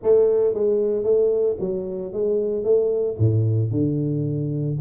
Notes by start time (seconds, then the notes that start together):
0.02 A3
0.54 G#3
1.03 A3
1.60 F#3
2.12 G#3
2.64 A3
3.18 A2
3.71 D3